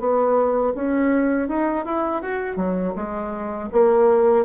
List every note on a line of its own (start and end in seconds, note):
0.00 0.74 B3
0.75 1.48 C#4
1.48 1.85 D#4
1.85 2.22 E4
2.22 2.57 F#4
2.57 2.94 F#3
2.96 3.70 G#3
3.72 4.45 A#3